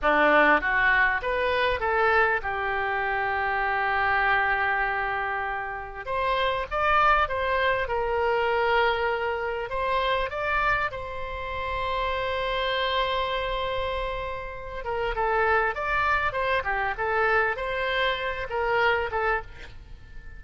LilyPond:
\new Staff \with { instrumentName = "oboe" } { \time 4/4 \tempo 4 = 99 d'4 fis'4 b'4 a'4 | g'1~ | g'2 c''4 d''4 | c''4 ais'2. |
c''4 d''4 c''2~ | c''1~ | c''8 ais'8 a'4 d''4 c''8 g'8 | a'4 c''4. ais'4 a'8 | }